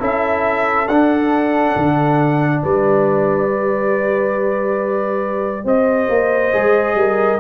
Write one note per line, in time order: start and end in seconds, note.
0.00 0.88 C#4
0.00 0.87 E4
0.00 2.62 A4
0.00 0.88 E5
0.88 1.75 D4
0.88 3.48 D4
0.88 2.62 F#5
1.76 2.63 D3
2.63 5.65 G3
2.63 5.65 B4
2.63 5.67 D5
3.48 6.52 G4
5.65 6.09 C4
5.65 6.95 C5
5.65 7.40 D#5
6.09 6.53 A#3
6.52 6.95 G#3
6.52 7.39 G#4
6.95 7.39 G3
6.95 7.40 A#4